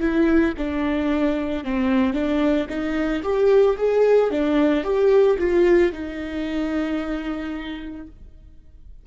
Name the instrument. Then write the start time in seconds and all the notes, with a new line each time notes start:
viola
0.00 E4
0.57 D4
1.64 C4
2.14 D4
2.69 D#4
3.23 G4
3.77 G#4
4.31 D4
4.84 G4
5.39 F4
5.92 D#4